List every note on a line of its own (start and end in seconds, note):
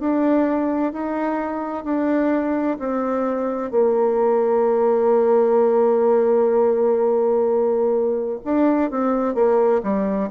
0.00 0.93 D4
0.93 1.85 D#4
1.85 2.78 D4
2.80 3.72 C4
3.72 8.40 A#3
8.45 8.91 D4
8.91 9.35 C4
9.35 9.82 A#3
9.83 10.30 G3